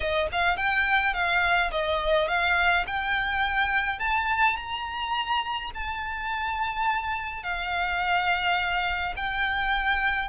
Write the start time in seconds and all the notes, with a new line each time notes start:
0.00 D#5
0.31 F5
0.56 G5
1.13 F5
1.71 D#5
2.28 F5
2.86 G5
3.99 A5
4.56 A#5
5.74 A5
7.43 F5
9.16 G5